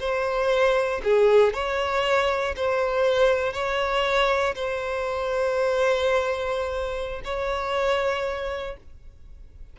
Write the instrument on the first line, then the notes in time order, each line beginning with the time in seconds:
violin
0.00 C5
1.04 G#4
1.53 C#5
2.56 C5
3.53 C#5
4.55 C5
7.24 C#5